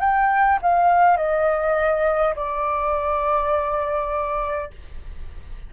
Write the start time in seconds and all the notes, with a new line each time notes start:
0.00 G5
0.62 F5
1.17 D#5
2.36 D5